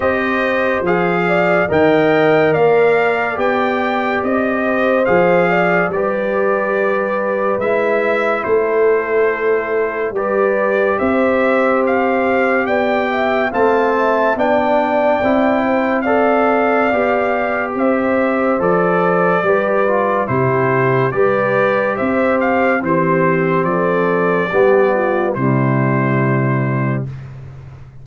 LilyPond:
<<
  \new Staff \with { instrumentName = "trumpet" } { \time 4/4 \tempo 4 = 71 dis''4 f''4 g''4 f''4 | g''4 dis''4 f''4 d''4~ | d''4 e''4 c''2 | d''4 e''4 f''4 g''4 |
a''4 g''2 f''4~ | f''4 e''4 d''2 | c''4 d''4 e''8 f''8 c''4 | d''2 c''2 | }
  \new Staff \with { instrumentName = "horn" } { \time 4/4 c''4. d''8 dis''4 d''4~ | d''4. c''4 d''8 b'4~ | b'2 a'2 | b'4 c''2 d''8 e''8 |
f''8 e''8 d''4. c''8 d''4~ | d''4 c''2 b'4 | g'4 b'4 c''4 g'4 | a'4 g'8 f'8 e'2 | }
  \new Staff \with { instrumentName = "trombone" } { \time 4/4 g'4 gis'4 ais'2 | g'2 gis'4 g'4~ | g'4 e'2. | g'1 |
c'4 d'4 e'4 a'4 | g'2 a'4 g'8 f'8 | e'4 g'2 c'4~ | c'4 b4 g2 | }
  \new Staff \with { instrumentName = "tuba" } { \time 4/4 c'4 f4 dis4 ais4 | b4 c'4 f4 g4~ | g4 gis4 a2 | g4 c'2 b4 |
a4 b4 c'2 | b4 c'4 f4 g4 | c4 g4 c'4 e4 | f4 g4 c2 | }
>>